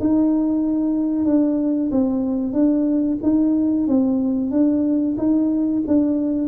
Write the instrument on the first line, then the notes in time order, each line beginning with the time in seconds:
tuba
0.00 D#4
1.25 D4
1.91 C4
2.53 D4
3.22 D#4
3.87 C4
4.51 D4
5.18 D#4
5.87 D4